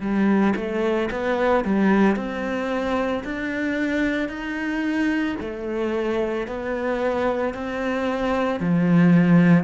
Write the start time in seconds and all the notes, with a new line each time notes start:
0.00 G3
0.56 A3
1.11 B3
1.64 G3
2.16 C4
3.24 D4
4.28 D#4
5.40 A3
6.47 B3
7.54 C4
8.60 F3